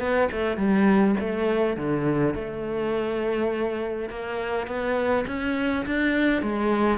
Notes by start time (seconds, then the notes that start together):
0.00 B3
0.32 A3
0.57 G3
1.20 A3
1.77 D3
2.35 A3
4.10 A#3
4.67 B3
5.27 C#4
5.86 D4
6.43 G#3